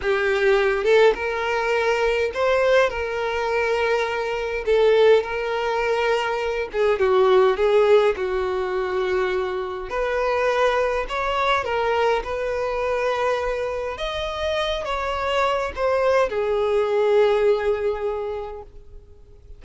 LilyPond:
\new Staff \with { instrumentName = "violin" } { \time 4/4 \tempo 4 = 103 g'4. a'8 ais'2 | c''4 ais'2. | a'4 ais'2~ ais'8 gis'8 | fis'4 gis'4 fis'2~ |
fis'4 b'2 cis''4 | ais'4 b'2. | dis''4. cis''4. c''4 | gis'1 | }